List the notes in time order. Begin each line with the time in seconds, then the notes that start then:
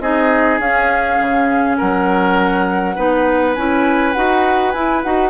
0.00 C4 D#4 G#4 D#5
0.59 C#4 F5
1.19 C#3
1.77 F#3 A#4 F#5
2.95 B3 D#4 B4
3.54 C#4 E4 G#5
4.12 D#4 F#4 F#5
4.71 E4 G#5
5.02 D#4 F#4 F#5